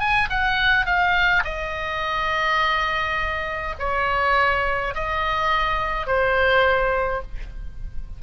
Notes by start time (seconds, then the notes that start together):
0.00 G#5
0.30 F#5
0.86 F5
1.44 D#5
3.79 C#5
4.95 D#5
6.06 C5